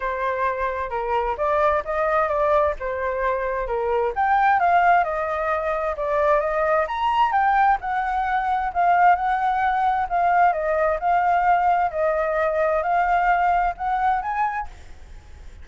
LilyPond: \new Staff \with { instrumentName = "flute" } { \time 4/4 \tempo 4 = 131 c''2 ais'4 d''4 | dis''4 d''4 c''2 | ais'4 g''4 f''4 dis''4~ | dis''4 d''4 dis''4 ais''4 |
g''4 fis''2 f''4 | fis''2 f''4 dis''4 | f''2 dis''2 | f''2 fis''4 gis''4 | }